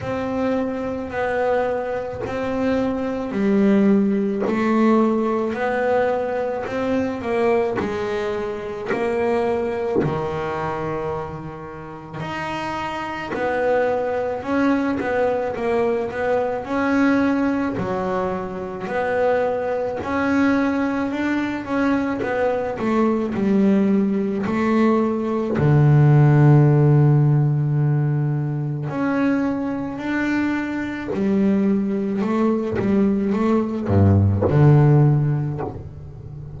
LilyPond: \new Staff \with { instrumentName = "double bass" } { \time 4/4 \tempo 4 = 54 c'4 b4 c'4 g4 | a4 b4 c'8 ais8 gis4 | ais4 dis2 dis'4 | b4 cis'8 b8 ais8 b8 cis'4 |
fis4 b4 cis'4 d'8 cis'8 | b8 a8 g4 a4 d4~ | d2 cis'4 d'4 | g4 a8 g8 a8 g,8 d4 | }